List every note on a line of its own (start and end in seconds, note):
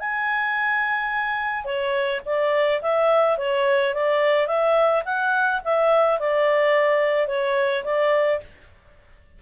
0.00 1.65 G#5
1.65 2.21 C#5
2.26 2.82 D5
2.82 3.38 E5
3.38 3.94 C#5
3.94 4.47 D5
4.47 5.03 E5
5.05 5.62 F#5
5.65 6.20 E5
6.20 7.28 D5
7.28 7.84 C#5
7.85 8.41 D5